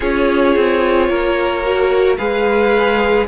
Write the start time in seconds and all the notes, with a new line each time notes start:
0.00 C#4 F4 G#4 C#5
0.56 C4
1.09 A#3 A#4
1.63 F#4
2.17 G#3 G#4 B4 F5